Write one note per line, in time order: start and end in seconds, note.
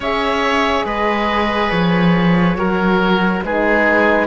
0.00 0.82 C#4
0.00 2.58 G#4
0.00 0.85 C#5
0.00 0.85 E5
0.84 1.70 G#3
0.84 2.57 B4
0.84 1.69 D#5
1.69 2.55 F3
1.69 3.41 C#5
2.55 3.40 F#3
2.55 3.44 F#4
2.55 3.44 A#4
3.43 4.27 G#3
3.43 4.27 D#4
3.43 4.27 G#4
3.43 4.27 B4